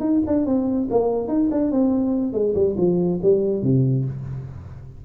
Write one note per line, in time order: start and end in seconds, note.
0.00 0.21 D#4
0.27 0.46 D4
0.46 0.88 C4
0.90 1.28 A#3
1.28 1.49 D#4
1.51 1.71 D4
1.71 2.33 C4
2.33 2.54 G#3
2.55 2.76 G3
2.78 3.20 F3
3.22 3.62 G3
3.62 4.05 C3